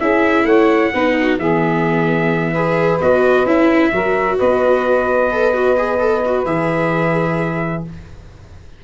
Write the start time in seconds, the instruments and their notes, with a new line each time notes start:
0.00 tuba C#4, viola E4, saxophone G#4, trumpet E5
0.45 tuba A3, saxophone C#5, trumpet F#5
0.92 tuba B3, viola D#4, saxophone B4
1.17 saxophone F#4
1.38 tuba E3, viola B3, saxophone G#4, trumpet E5
2.52 viola G#4, saxophone B4
3.01 tuba B3, viola F#4, trumpet D#5
3.45 tuba C#4, viola E4, trumpet E5
3.92 tuba F#3, viola F#4, saxophone A#4
4.38 tuba B3, saxophone B4, trumpet D#5
5.31 viola A4
5.53 viola F#4
5.77 viola G#4
5.99 viola A4
6.25 viola F#4
6.45 tuba E3, viola G#4, trumpet E5